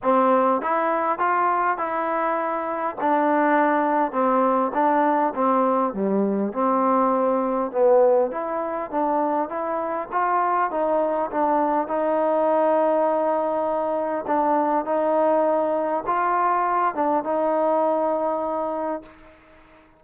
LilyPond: \new Staff \with { instrumentName = "trombone" } { \time 4/4 \tempo 4 = 101 c'4 e'4 f'4 e'4~ | e'4 d'2 c'4 | d'4 c'4 g4 c'4~ | c'4 b4 e'4 d'4 |
e'4 f'4 dis'4 d'4 | dis'1 | d'4 dis'2 f'4~ | f'8 d'8 dis'2. | }